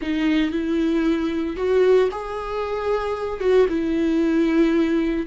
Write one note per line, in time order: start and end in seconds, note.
0.01 0.51 D#4
0.51 1.56 E4
1.56 2.09 F#4
2.11 3.40 G#4
3.40 3.66 F#4
3.68 5.26 E4